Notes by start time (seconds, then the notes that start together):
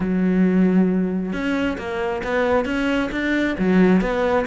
0.00 F#3
1.33 C#4
1.78 A#3
2.23 B3
2.65 C#4
3.11 D4
3.58 F#3
4.01 B3